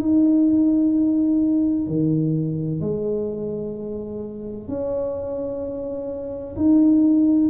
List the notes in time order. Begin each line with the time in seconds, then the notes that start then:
0.00 D#4
1.87 D#3
2.81 G#3
4.69 C#4
6.56 D#4